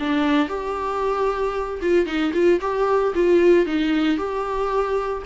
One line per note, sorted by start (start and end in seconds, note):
0.00 0.49 D4
0.49 1.80 G4
1.82 2.06 F4
2.06 2.33 D#4
2.34 2.60 F4
2.61 3.14 G4
3.15 3.66 F4
3.66 4.18 D#4
4.18 5.23 G4